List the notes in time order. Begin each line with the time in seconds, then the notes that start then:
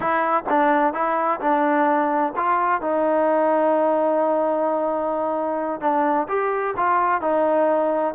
0.00 E4
0.49 D4
0.93 E4
1.40 D4
2.36 F4
2.81 D#4
5.80 D4
6.28 G4
6.76 F4
7.21 D#4